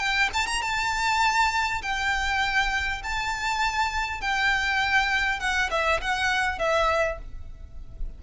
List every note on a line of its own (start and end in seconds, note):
0.00 0.30 G5
0.34 0.47 A5
0.47 0.62 A#5
0.62 1.82 A5
1.82 3.02 G5
3.04 4.22 A5
4.22 5.40 G5
5.40 5.70 F#5
5.71 6.01 E5
6.01 6.59 F#5
6.59 7.19 E5